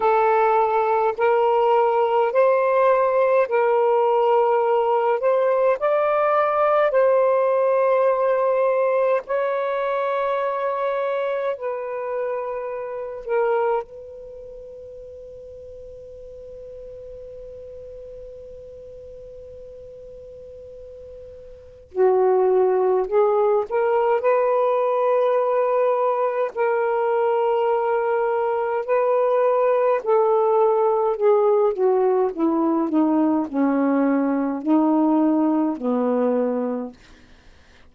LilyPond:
\new Staff \with { instrumentName = "saxophone" } { \time 4/4 \tempo 4 = 52 a'4 ais'4 c''4 ais'4~ | ais'8 c''8 d''4 c''2 | cis''2 b'4. ais'8 | b'1~ |
b'2. fis'4 | gis'8 ais'8 b'2 ais'4~ | ais'4 b'4 a'4 gis'8 fis'8 | e'8 dis'8 cis'4 dis'4 b4 | }